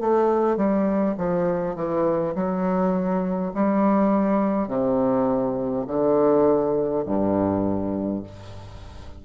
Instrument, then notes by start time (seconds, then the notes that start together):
bassoon
0.00 A3
0.57 G3
1.18 F3
1.75 E3
2.35 F#3
3.54 G3
4.68 C3
5.87 D3
7.05 G2